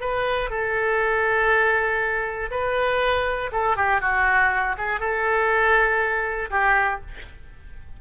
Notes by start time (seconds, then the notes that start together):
0.00 B4
0.50 A4
2.50 B4
3.52 A4
3.76 G4
4.00 F#4
4.77 G#4
5.00 A4
6.50 G4